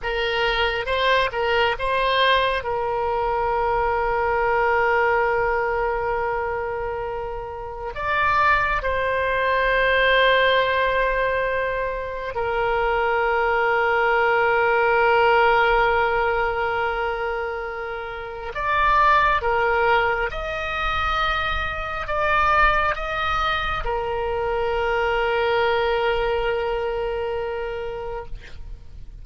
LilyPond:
\new Staff \with { instrumentName = "oboe" } { \time 4/4 \tempo 4 = 68 ais'4 c''8 ais'8 c''4 ais'4~ | ais'1~ | ais'4 d''4 c''2~ | c''2 ais'2~ |
ais'1~ | ais'4 d''4 ais'4 dis''4~ | dis''4 d''4 dis''4 ais'4~ | ais'1 | }